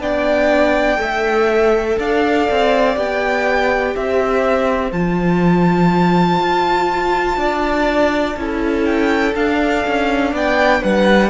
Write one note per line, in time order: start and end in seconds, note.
0.00 0.98 B3
0.00 0.96 D4
0.00 1.00 D5
0.00 1.99 G5
0.96 1.97 A3
0.96 2.93 A4
0.96 1.99 E5
1.99 2.48 D4
1.99 3.95 D5
1.99 2.98 F5
2.50 2.97 C4
2.95 3.95 B3
2.95 4.92 G4
2.95 3.96 G5
3.95 4.92 C4
3.95 7.39 C5
3.95 4.92 E5
4.92 6.39 F3
4.92 8.37 F4
4.92 8.85 A5
6.40 7.37 F4
7.37 8.35 D4
7.37 8.37 D5
8.36 9.35 C#4
8.36 9.34 E4
8.36 10.34 A4
8.85 9.34 G5
9.34 11.30 D4
9.34 9.85 D4
9.34 10.34 F5
9.87 10.33 C#4
10.33 10.82 B3
10.33 10.82 D5
10.33 10.84 G5
10.82 11.30 G3
10.82 11.30 B4
10.82 11.30 F#5